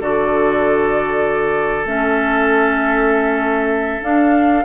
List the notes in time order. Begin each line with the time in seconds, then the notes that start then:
0.00 D3 F#4 A4 D5
1.85 A3 C#4 E5
4.01 D4 F5